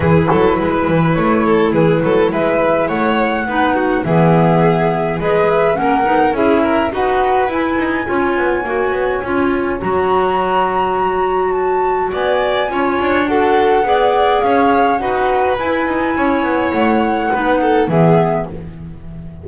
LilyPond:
<<
  \new Staff \with { instrumentName = "flute" } { \time 4/4 \tempo 4 = 104 b'2 cis''4 b'4 | e''4 fis''2 e''4~ | e''4 dis''8 e''8 fis''4 e''4 | fis''4 gis''2.~ |
gis''4 ais''2. | a''4 gis''2 fis''4~ | fis''4 f''4 fis''4 gis''4~ | gis''4 fis''2 e''4 | }
  \new Staff \with { instrumentName = "violin" } { \time 4/4 gis'8 a'8 b'4. a'8 gis'8 a'8 | b'4 cis''4 b'8 fis'8 gis'4~ | gis'4 b'4 ais'4 gis'8 ais'8 | b'2 cis''2~ |
cis''1~ | cis''4 d''4 cis''4 a'4 | d''4 cis''4 b'2 | cis''2 b'8 a'8 gis'4 | }
  \new Staff \with { instrumentName = "clarinet" } { \time 4/4 e'1~ | e'2 dis'4 b4~ | b4 gis'4 cis'8 dis'8 e'4 | fis'4 e'4 f'4 fis'4 |
f'4 fis'2.~ | fis'2 f'4 fis'4 | gis'2 fis'4 e'4~ | e'2 dis'4 b4 | }
  \new Staff \with { instrumentName = "double bass" } { \time 4/4 e8 fis8 gis8 e8 a4 e8 fis8 | gis4 a4 b4 e4~ | e4 gis4 ais8 b8 cis'4 | dis'4 e'8 dis'8 cis'8 b8 ais8 b8 |
cis'4 fis2.~ | fis4 b4 cis'8 d'4. | b4 cis'4 dis'4 e'8 dis'8 | cis'8 b8 a4 b4 e4 | }
>>